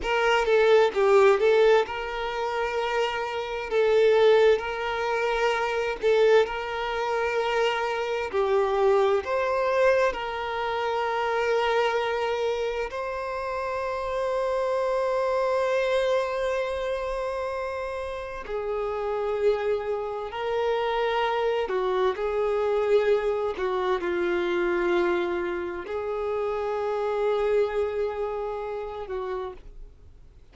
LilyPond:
\new Staff \with { instrumentName = "violin" } { \time 4/4 \tempo 4 = 65 ais'8 a'8 g'8 a'8 ais'2 | a'4 ais'4. a'8 ais'4~ | ais'4 g'4 c''4 ais'4~ | ais'2 c''2~ |
c''1 | gis'2 ais'4. fis'8 | gis'4. fis'8 f'2 | gis'2.~ gis'8 fis'8 | }